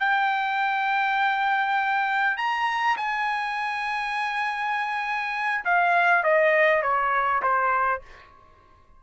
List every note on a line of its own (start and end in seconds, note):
0.00 2.37 G5
2.37 2.97 A#5
2.97 5.64 G#5
5.65 6.24 F5
6.24 6.83 D#5
6.83 7.42 C#5
7.43 8.02 C5